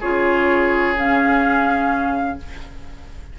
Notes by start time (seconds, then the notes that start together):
0.00 C#3 F4 G#4 C#5
0.97 C#4 F5